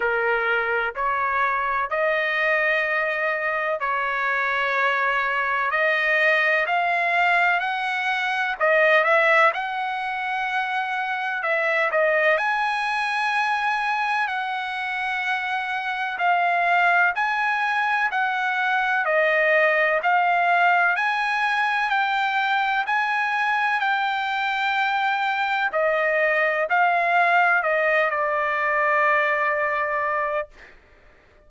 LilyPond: \new Staff \with { instrumentName = "trumpet" } { \time 4/4 \tempo 4 = 63 ais'4 cis''4 dis''2 | cis''2 dis''4 f''4 | fis''4 dis''8 e''8 fis''2 | e''8 dis''8 gis''2 fis''4~ |
fis''4 f''4 gis''4 fis''4 | dis''4 f''4 gis''4 g''4 | gis''4 g''2 dis''4 | f''4 dis''8 d''2~ d''8 | }